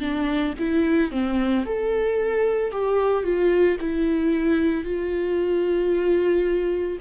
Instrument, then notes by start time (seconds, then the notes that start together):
viola
0.00 D4
0.59 E4
1.11 C4
1.66 A4
2.72 G4
3.24 F4
3.80 E4
4.85 F4